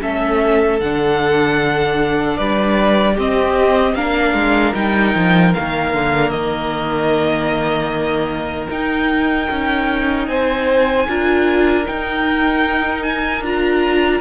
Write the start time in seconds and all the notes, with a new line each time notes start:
0.00 A3 C#4 A4 E5
0.79 D3 D4 F#5
2.37 G3 B4 D5
3.14 C4 G4 D#5
3.94 A#3 D4 A#4 F5
4.33 G#3
4.74 G3 D#4 G5
5.14 F3
5.53 D#3 A#3 F5
5.93 D3
6.30 D#3 D#5
8.69 D#4 G5
9.50 C#4
10.27 C4 C5 G#5
11.07 D4 F4 A#4
11.84 D#4 G5
13.02 G#5
13.41 D4 F4 A#5